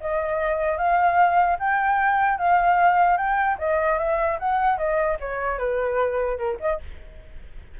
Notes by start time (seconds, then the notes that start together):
0.00 D#5
0.77 F5
1.59 G5
2.38 F5
3.17 G5
3.58 D#5
3.98 E5
4.39 F#5
4.77 D#5
5.20 C#5
5.58 B4
6.37 A#4
6.59 D#5